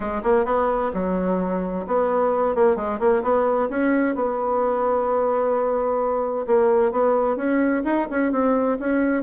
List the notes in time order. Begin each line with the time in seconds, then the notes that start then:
0.00 G#3
0.23 A#3
0.45 B3
0.93 F#3
1.87 B3
2.55 A#3
2.76 G#3
2.99 A#3
3.22 B3
3.69 C#4
4.15 B3
6.46 A#3
6.91 B3
7.36 C#4
7.84 D#4
8.10 C#4
8.32 C4
8.79 C#4